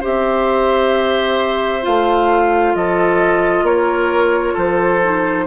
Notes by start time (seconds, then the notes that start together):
0.00 C4 G4 C5 E5
1.82 A3 F4 F5
2.75 F3 A4 D#5
3.62 A#3 A#4 C#5
4.53 F3 A4 C5
5.03 D#4